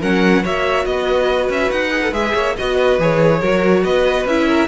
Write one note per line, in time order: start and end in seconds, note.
0.00 0.45 F#3
0.00 0.43 C#4
0.00 0.43 A#4
0.00 0.45 F#5
0.43 0.85 A#3
0.43 1.90 F#4
0.43 0.85 C#5
0.43 0.85 E5
0.85 1.49 B3
0.85 2.34 B4
0.85 1.49 D#5
1.49 1.70 C#4
1.49 1.71 E5
1.71 2.12 D#4
1.71 2.13 F#5
1.90 2.01 G#4
2.02 2.12 A4
2.12 2.33 G#3
2.12 2.55 G#4
2.12 2.56 E5
2.34 2.56 A#3
2.34 2.55 C#5
2.57 2.98 B3
2.57 3.00 F#4
2.57 2.76 D#5
2.57 3.01 D#5
2.76 3.40 B4
2.98 3.41 E3
2.98 3.42 G#4
2.98 3.84 C#5
3.40 3.84 F#3
3.40 4.27 F#4
3.40 3.83 A#4
3.84 4.25 B3
3.84 4.47 B4
3.84 4.26 D#5
4.25 4.68 C#4
4.25 4.68 E4
4.25 4.68 E5
4.47 4.68 A#4